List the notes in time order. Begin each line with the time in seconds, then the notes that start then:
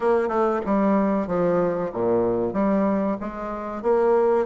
0.00 A#3
0.28 A3
0.65 G3
1.27 F3
1.93 A#2
2.53 G3
3.20 G#3
3.82 A#3